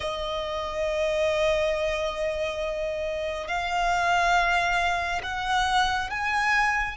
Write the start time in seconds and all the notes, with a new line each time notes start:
0.00 D#5
3.47 F5
5.23 F#5
6.10 G#5